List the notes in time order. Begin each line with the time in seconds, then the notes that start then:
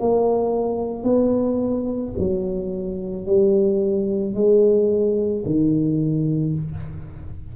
0.00 A#3
1.04 B3
2.19 F#3
3.26 G3
4.35 G#3
5.45 D#3